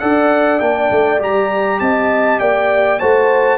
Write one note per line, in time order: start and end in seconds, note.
0.00 0.61 D4
0.00 0.61 A4
0.00 1.81 D5
0.00 0.60 F#5
0.60 0.91 A#3
0.60 1.19 D4
0.60 1.20 G5
0.91 1.21 A3
1.19 1.81 G3
1.19 2.99 G4
1.19 1.80 A#5
1.80 2.41 C4
1.80 2.41 D#5
1.80 2.40 A5
2.40 3.01 A#3
2.40 3.00 D5
2.40 2.99 G5
2.99 3.59 A3
2.99 3.59 F#4
2.99 3.59 C5
2.99 3.59 A5